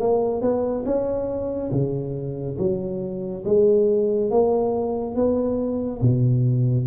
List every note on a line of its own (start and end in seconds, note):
0.00 0.41 A#3
0.41 0.84 B3
0.85 1.71 C#4
1.71 2.57 C#3
2.58 3.44 F#3
3.45 4.31 G#3
4.31 5.15 A#3
5.15 6.01 B3
6.02 6.87 B2